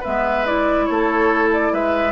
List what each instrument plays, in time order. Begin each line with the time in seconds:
0.00 clarinet B3, oboe B4, flute E5
0.06 bassoon G#3
0.46 clarinet E4, flute D5
0.85 bassoon A3, oboe A4, flute C#5
1.53 flute D5
1.72 bassoon G#3, oboe B4, flute E5